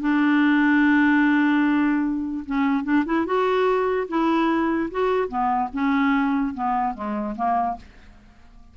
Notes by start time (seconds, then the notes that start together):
0.00 D4
2.46 C#4
2.84 D4
3.06 E4
3.26 F#4
4.08 E4
4.91 F#4
5.29 B3
5.73 C#4
6.54 B3
6.94 G#3
7.36 A#3